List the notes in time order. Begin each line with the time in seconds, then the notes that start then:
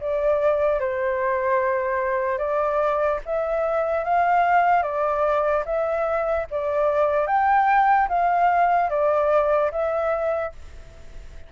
0.00 D5
0.80 C5
2.38 D5
3.25 E5
4.04 F5
4.82 D5
5.65 E5
6.50 D5
7.27 G5
8.09 F5
8.90 D5
9.71 E5